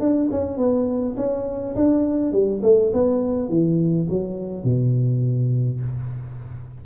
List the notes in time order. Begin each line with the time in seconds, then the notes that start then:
0.00 D4
0.32 C#4
0.57 B3
1.17 C#4
1.76 D4
2.32 G3
2.63 A3
2.93 B3
3.50 E3
4.09 F#3
4.64 B2